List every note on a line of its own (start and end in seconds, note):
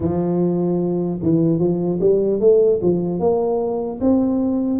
0.00 1.20 F3
1.22 1.59 E3
1.59 1.99 F3
2.00 2.40 G3
2.40 2.80 A3
2.82 3.19 F3
3.19 3.99 A#3
4.00 4.79 C4